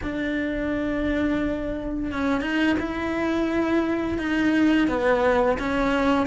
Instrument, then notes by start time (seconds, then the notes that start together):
cello
0.02 D4
2.12 C#4
2.41 D#4
2.79 E4
4.18 D#4
4.88 B3
5.58 C#4